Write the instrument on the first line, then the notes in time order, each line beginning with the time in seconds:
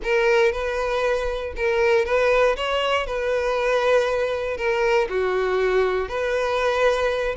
violin
0.03 A#4
0.52 B4
1.56 A#4
2.05 B4
2.56 C#5
3.06 B4
4.57 A#4
5.09 F#4
6.08 B4